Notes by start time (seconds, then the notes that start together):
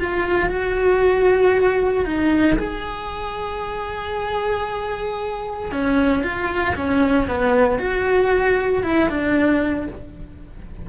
0.00 F4
0.50 F#4
2.05 D#4
2.59 G#4
5.72 C#4
6.23 F4
6.76 C#4
7.28 B3
7.79 F#4
8.84 E4
9.09 D4